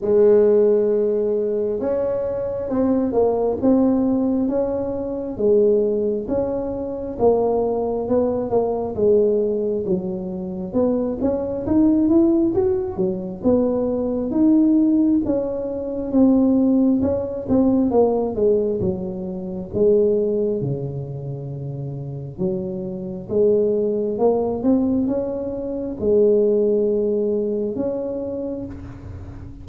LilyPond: \new Staff \with { instrumentName = "tuba" } { \time 4/4 \tempo 4 = 67 gis2 cis'4 c'8 ais8 | c'4 cis'4 gis4 cis'4 | ais4 b8 ais8 gis4 fis4 | b8 cis'8 dis'8 e'8 fis'8 fis8 b4 |
dis'4 cis'4 c'4 cis'8 c'8 | ais8 gis8 fis4 gis4 cis4~ | cis4 fis4 gis4 ais8 c'8 | cis'4 gis2 cis'4 | }